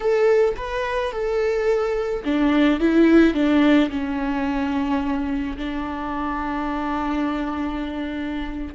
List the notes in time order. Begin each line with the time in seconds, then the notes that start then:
0.00 A4
0.56 B4
1.12 A4
2.24 D4
2.80 E4
3.34 D4
3.90 C#4
5.57 D4